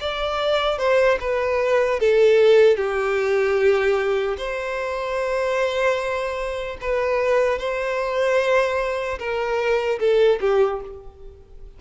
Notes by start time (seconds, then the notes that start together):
0.00 D5
0.78 C5
1.20 B4
2.00 A4
2.76 G4
4.37 C5
6.81 B4
7.59 C5
9.19 A#4
9.99 A4
10.41 G4